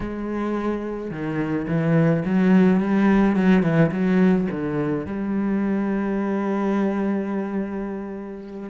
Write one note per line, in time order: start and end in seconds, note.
0.00 1.10 G#3
1.10 1.66 D#3
1.67 2.23 E3
2.25 2.80 F#3
2.80 3.36 G3
3.36 3.62 F#3
3.62 3.90 E3
3.91 4.47 F#3
4.50 5.05 D3
5.05 8.69 G3